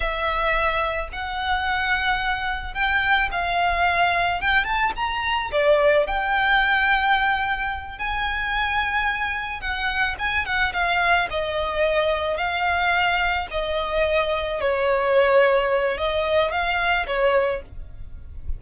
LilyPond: \new Staff \with { instrumentName = "violin" } { \time 4/4 \tempo 4 = 109 e''2 fis''2~ | fis''4 g''4 f''2 | g''8 a''8 ais''4 d''4 g''4~ | g''2~ g''8 gis''4.~ |
gis''4. fis''4 gis''8 fis''8 f''8~ | f''8 dis''2 f''4.~ | f''8 dis''2 cis''4.~ | cis''4 dis''4 f''4 cis''4 | }